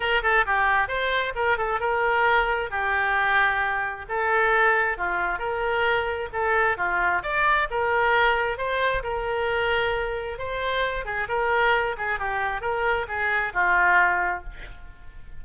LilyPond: \new Staff \with { instrumentName = "oboe" } { \time 4/4 \tempo 4 = 133 ais'8 a'8 g'4 c''4 ais'8 a'8 | ais'2 g'2~ | g'4 a'2 f'4 | ais'2 a'4 f'4 |
d''4 ais'2 c''4 | ais'2. c''4~ | c''8 gis'8 ais'4. gis'8 g'4 | ais'4 gis'4 f'2 | }